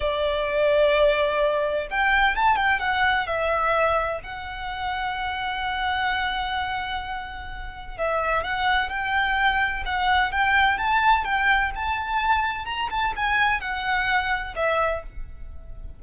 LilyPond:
\new Staff \with { instrumentName = "violin" } { \time 4/4 \tempo 4 = 128 d''1 | g''4 a''8 g''8 fis''4 e''4~ | e''4 fis''2.~ | fis''1~ |
fis''4 e''4 fis''4 g''4~ | g''4 fis''4 g''4 a''4 | g''4 a''2 ais''8 a''8 | gis''4 fis''2 e''4 | }